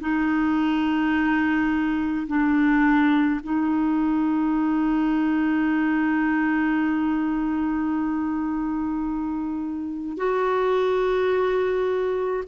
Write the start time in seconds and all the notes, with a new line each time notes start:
0.00 D#4
2.27 D4
3.43 D#4
10.17 F#4